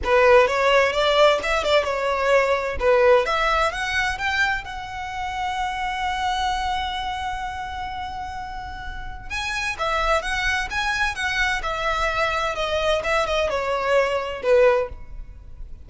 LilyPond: \new Staff \with { instrumentName = "violin" } { \time 4/4 \tempo 4 = 129 b'4 cis''4 d''4 e''8 d''8 | cis''2 b'4 e''4 | fis''4 g''4 fis''2~ | fis''1~ |
fis''1 | gis''4 e''4 fis''4 gis''4 | fis''4 e''2 dis''4 | e''8 dis''8 cis''2 b'4 | }